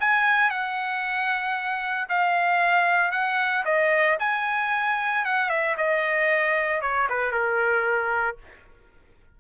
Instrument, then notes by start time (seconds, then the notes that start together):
trumpet
0.00 G#5
0.50 F#5
2.09 F5
3.11 F#5
3.65 D#5
4.19 G#5
5.25 F#5
5.49 E5
5.77 D#5
6.81 C#5
7.09 B4
7.32 A#4